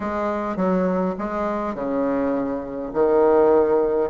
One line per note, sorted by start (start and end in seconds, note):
0.00 0.56 G#3
0.56 1.15 F#3
1.18 1.74 G#3
1.74 2.92 C#3
2.93 4.10 D#3